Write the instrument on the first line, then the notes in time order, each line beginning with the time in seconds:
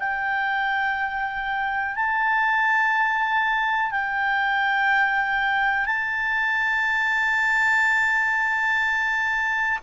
clarinet
0.00 G5
1.96 A5
3.91 G5
5.86 A5